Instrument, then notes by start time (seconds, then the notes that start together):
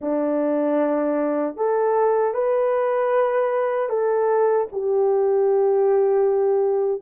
horn
0.01 D4
1.56 A4
2.33 B4
3.89 A4
4.71 G4